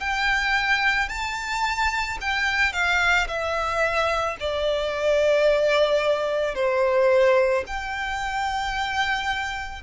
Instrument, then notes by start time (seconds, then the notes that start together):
violin
0.00 G5
1.09 A5
2.21 G5
2.72 F5
3.27 E5
4.40 D5
6.55 C5
7.67 G5